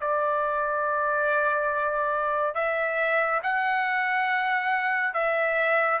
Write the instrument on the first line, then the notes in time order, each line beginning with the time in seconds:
trumpet
0.00 D5
2.54 E5
3.42 F#5
5.14 E5